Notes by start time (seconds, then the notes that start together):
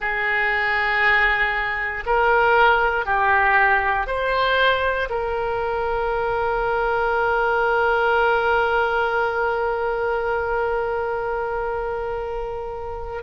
0.00 G#4
2.06 A#4
3.05 G4
4.07 C5
5.09 A#4